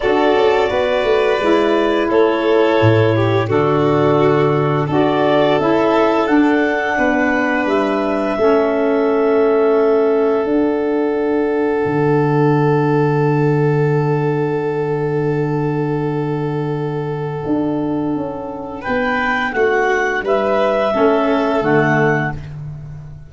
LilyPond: <<
  \new Staff \with { instrumentName = "clarinet" } { \time 4/4 \tempo 4 = 86 d''2. cis''4~ | cis''4 a'2 d''4 | e''4 fis''2 e''4~ | e''2. fis''4~ |
fis''1~ | fis''1~ | fis''2. g''4 | fis''4 e''2 fis''4 | }
  \new Staff \with { instrumentName = "violin" } { \time 4/4 a'4 b'2 a'4~ | a'8 g'8 fis'2 a'4~ | a'2 b'2 | a'1~ |
a'1~ | a'1~ | a'2. b'4 | fis'4 b'4 a'2 | }
  \new Staff \with { instrumentName = "saxophone" } { \time 4/4 fis'2 e'2~ | e'4 d'2 fis'4 | e'4 d'2. | cis'2. d'4~ |
d'1~ | d'1~ | d'1~ | d'2 cis'4 a4 | }
  \new Staff \with { instrumentName = "tuba" } { \time 4/4 d'8 cis'8 b8 a8 gis4 a4 | a,4 d2 d'4 | cis'4 d'4 b4 g4 | a2. d'4~ |
d'4 d2.~ | d1~ | d4 d'4 cis'4 b4 | a4 g4 a4 d4 | }
>>